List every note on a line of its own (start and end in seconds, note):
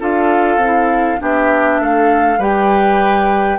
0.00 0.57 D4
0.00 0.60 F4
0.00 1.20 A4
0.00 1.22 F5
0.57 1.17 C4
0.64 1.18 E4
1.18 1.80 B3
1.18 2.38 D4
1.18 1.81 G4
1.18 1.83 E5
1.80 2.38 A3
1.80 2.39 A4
1.80 2.42 F5
2.38 3.58 G3
2.38 3.59 G4
2.38 3.59 B4
2.38 3.59 G5